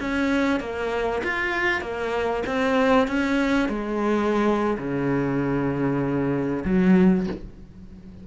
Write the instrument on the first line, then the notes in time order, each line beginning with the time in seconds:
cello
0.00 C#4
0.60 A#3
1.24 F4
1.81 A#3
2.47 C4
3.08 C#4
3.69 G#3
4.78 C#3
6.65 F#3